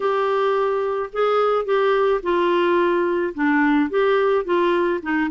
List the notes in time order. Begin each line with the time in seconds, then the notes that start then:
0.00 G4
1.12 G#4
1.65 G4
2.22 F4
3.34 D4
3.89 G4
4.44 F4
5.02 D#4